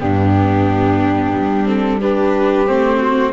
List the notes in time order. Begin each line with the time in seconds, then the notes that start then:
0.00 G2 B3 D4 G4
1.34 G3
1.65 C4 A4
2.01 D4 G4 B4
2.67 A3 C4 C5
2.99 F#4